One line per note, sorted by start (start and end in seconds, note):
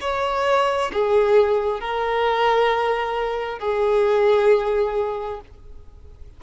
0.00 0.91 C#5
0.92 1.80 G#4
1.80 3.59 A#4
3.59 5.40 G#4